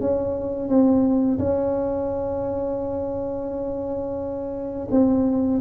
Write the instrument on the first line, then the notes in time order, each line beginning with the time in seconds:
tuba
0.00 C#4
0.68 C4
1.38 C#4
4.90 C4